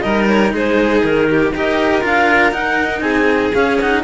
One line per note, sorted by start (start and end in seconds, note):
0.00 0.52 G3
0.00 1.52 D#4
0.00 0.53 A#4
0.00 0.25 D#5
0.29 0.54 C#5
0.52 1.02 G#3
0.52 1.29 G#4
0.52 1.03 C5
1.03 1.52 D#3
1.03 1.53 A#4
1.29 1.54 G4
1.52 2.02 D#4
1.52 2.01 G4
1.52 3.02 A#4
1.52 2.05 D#5
2.01 2.53 D4
2.01 2.51 F4
2.01 2.52 F5
2.51 3.51 D#4
2.51 3.01 D#4
2.51 3.00 F#5
3.00 3.51 C4
3.00 4.02 G#4
3.00 3.50 G#5
3.54 3.79 C#4
3.54 4.03 C#4
3.54 3.79 F5
3.80 4.03 D#4
3.80 4.03 F#5